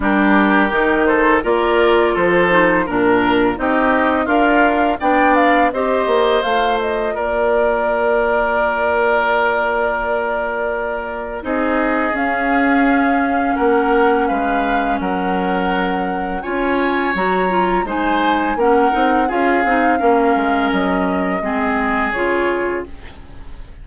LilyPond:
<<
  \new Staff \with { instrumentName = "flute" } { \time 4/4 \tempo 4 = 84 ais'4. c''8 d''4 c''4 | ais'4 dis''4 f''4 g''8 f''8 | dis''4 f''8 dis''8 d''2~ | d''1 |
dis''4 f''2 fis''4 | f''4 fis''2 gis''4 | ais''4 gis''4 fis''4 f''4~ | f''4 dis''2 cis''4 | }
  \new Staff \with { instrumentName = "oboe" } { \time 4/4 g'4. a'8 ais'4 a'4 | ais'4 g'4 f'4 d''4 | c''2 ais'2~ | ais'1 |
gis'2. ais'4 | b'4 ais'2 cis''4~ | cis''4 c''4 ais'4 gis'4 | ais'2 gis'2 | }
  \new Staff \with { instrumentName = "clarinet" } { \time 4/4 d'4 dis'4 f'4. dis'8 | d'4 dis'4 ais'4 d'4 | g'4 f'2.~ | f'1 |
dis'4 cis'2.~ | cis'2. f'4 | fis'8 f'8 dis'4 cis'8 dis'8 f'8 dis'8 | cis'2 c'4 f'4 | }
  \new Staff \with { instrumentName = "bassoon" } { \time 4/4 g4 dis4 ais4 f4 | ais,4 c'4 d'4 b4 | c'8 ais8 a4 ais2~ | ais1 |
c'4 cis'2 ais4 | gis4 fis2 cis'4 | fis4 gis4 ais8 c'8 cis'8 c'8 | ais8 gis8 fis4 gis4 cis4 | }
>>